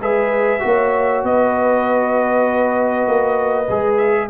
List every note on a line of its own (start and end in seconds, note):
0.00 0.61 G#3
0.00 0.60 G#4
0.00 0.62 B4
0.00 1.25 E5
0.60 1.24 A#3
0.60 3.66 F#4
0.66 1.27 C#5
1.24 3.07 B3
1.24 4.30 B4
1.24 3.97 D#5
3.08 3.69 A#3
3.70 4.30 G#3
3.70 4.30 G#4
3.97 4.28 E5